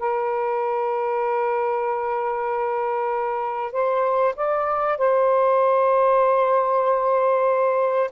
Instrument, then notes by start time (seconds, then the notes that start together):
saxophone
0.00 A#4
3.73 C5
4.36 D5
4.99 C5